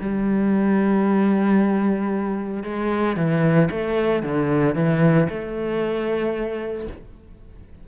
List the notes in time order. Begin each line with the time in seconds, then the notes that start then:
0.00 G3
2.63 G#3
3.16 E3
3.70 A3
4.22 D3
4.75 E3
5.29 A3